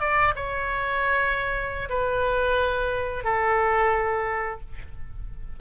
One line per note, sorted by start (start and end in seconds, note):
0.00 0.34 D5
0.36 1.89 C#5
1.89 3.24 B4
3.24 4.60 A4